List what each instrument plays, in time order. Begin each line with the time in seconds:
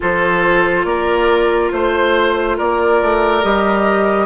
0.00 bassoon F3, clarinet F4, oboe A4, flute C5
0.84 bassoon A#3, oboe A#4, flute D5
1.71 bassoon A3, flute C5, oboe C5
2.57 bassoon A#3, oboe A#4, flute D5
3.02 bassoon A3
3.42 bassoon G3, clarinet G4, flute D#5